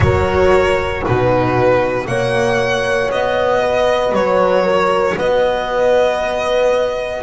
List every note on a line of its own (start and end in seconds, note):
0.00 1.02 F#3
0.00 1.04 F#4
0.00 1.02 A#4
0.00 1.03 C#5
1.02 2.06 B2
1.02 2.06 D#4
1.02 2.06 F#4
1.02 2.07 B4
2.06 3.10 A#3
2.06 7.23 F#4
2.06 3.60 C#5
2.06 3.10 F#5
3.10 4.11 B3
3.10 4.14 D#5
3.60 4.63 B4
4.11 5.15 F#3
4.11 5.18 C#5
4.63 5.14 A#4
5.15 7.23 B3
5.15 7.22 B4
5.15 7.23 D#5